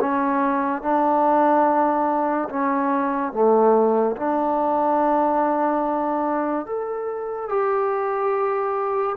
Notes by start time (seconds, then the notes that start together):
0.00 C#4
0.82 D4
2.49 C#4
3.33 A3
4.16 D4
6.66 A4
7.49 G4